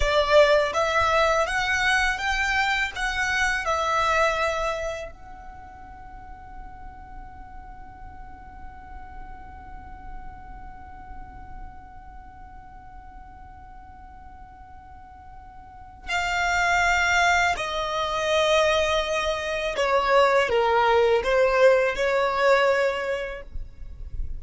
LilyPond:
\new Staff \with { instrumentName = "violin" } { \time 4/4 \tempo 4 = 82 d''4 e''4 fis''4 g''4 | fis''4 e''2 fis''4~ | fis''1~ | fis''1~ |
fis''1~ | fis''2 f''2 | dis''2. cis''4 | ais'4 c''4 cis''2 | }